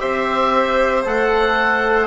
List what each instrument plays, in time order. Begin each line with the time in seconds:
0.00 bassoon C4, trombone G4, violin C5, oboe E5
1.05 bassoon A3, trombone A4, oboe F#5